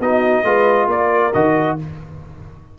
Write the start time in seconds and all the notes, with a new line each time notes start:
0.00 B3 D#4 F#4 D#5
0.44 G#3 F4 B4
0.87 A#3 A#4 D5
1.33 D#3 F#4 D#5